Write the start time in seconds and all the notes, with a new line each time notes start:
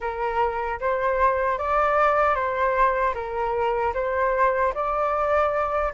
0.00 A#4
0.80 C5
1.58 D5
2.35 C5
3.14 A#4
3.94 C5
4.74 D5